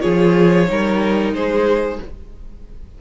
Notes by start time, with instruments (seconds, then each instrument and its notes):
0.00 cello F3, viola F4, violin G#4 C#5
0.66 cello G3, viola D#4, violin A#4
1.32 cello G#3, violin G#4 C5